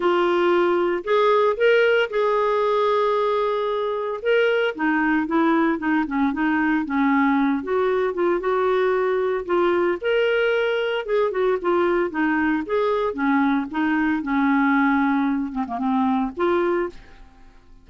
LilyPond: \new Staff \with { instrumentName = "clarinet" } { \time 4/4 \tempo 4 = 114 f'2 gis'4 ais'4 | gis'1 | ais'4 dis'4 e'4 dis'8 cis'8 | dis'4 cis'4. fis'4 f'8 |
fis'2 f'4 ais'4~ | ais'4 gis'8 fis'8 f'4 dis'4 | gis'4 cis'4 dis'4 cis'4~ | cis'4. c'16 ais16 c'4 f'4 | }